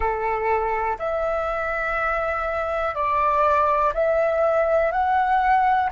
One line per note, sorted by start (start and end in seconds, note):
0.00 0.97 A4
0.98 2.95 E5
2.95 3.93 D5
3.93 4.91 E5
4.91 5.90 F#5